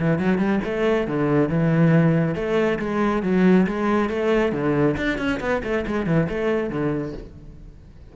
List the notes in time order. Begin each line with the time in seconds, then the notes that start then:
0.00 E3
0.19 F#3
0.39 G3
0.65 A3
1.08 D3
1.49 E3
2.36 A3
2.80 G#3
3.23 F#3
3.67 G#3
4.10 A3
4.53 D3
4.98 D4
5.19 C#4
5.41 B3
5.64 A3
5.87 G#3
6.07 E3
6.29 A3
6.71 D3